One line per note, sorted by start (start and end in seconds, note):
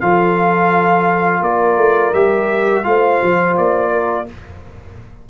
0.00 1.40 F3
0.00 2.14 F4
0.00 1.42 A4
0.00 1.43 F5
1.40 1.76 A#3
1.40 2.85 A#4
1.40 2.13 D5
1.76 2.12 A3
2.13 2.85 G3
2.13 2.83 G4
2.13 2.84 E5
2.83 3.21 A3
2.83 4.26 F4
2.83 3.91 C5
2.83 3.55 F5
3.23 3.58 F3
3.57 4.29 A#3
3.57 4.28 D5
3.91 4.27 A#4